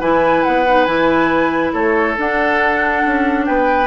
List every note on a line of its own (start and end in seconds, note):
0.00 0.44 E3
0.00 0.66 E4
0.00 1.73 B4
0.00 0.43 G#5
0.43 0.87 B3
0.43 0.84 F#5
0.67 0.87 D#4
0.84 1.73 E3
0.84 2.16 E4
0.84 1.71 G#5
1.73 2.17 A3
1.73 3.45 A4
1.73 2.16 C#5
2.17 3.86 D4
2.17 3.04 D4
2.17 3.45 F#5
3.05 3.48 C#4
3.45 3.86 B3
3.45 3.86 B4
3.45 3.86 G5